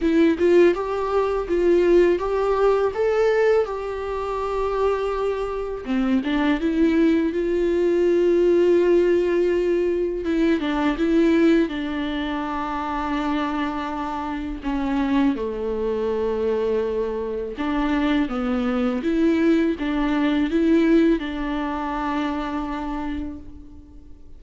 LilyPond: \new Staff \with { instrumentName = "viola" } { \time 4/4 \tempo 4 = 82 e'8 f'8 g'4 f'4 g'4 | a'4 g'2. | c'8 d'8 e'4 f'2~ | f'2 e'8 d'8 e'4 |
d'1 | cis'4 a2. | d'4 b4 e'4 d'4 | e'4 d'2. | }